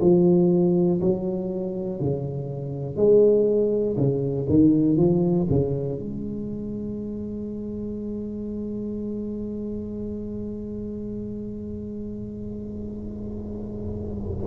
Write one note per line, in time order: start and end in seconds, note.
0.00 1.00 F3
1.01 2.00 F#3
2.00 2.96 C#3
2.96 3.96 G#3
3.96 4.46 C#3
4.48 4.96 D#3
4.96 5.46 F3
5.50 5.99 C#3
5.99 14.46 G#3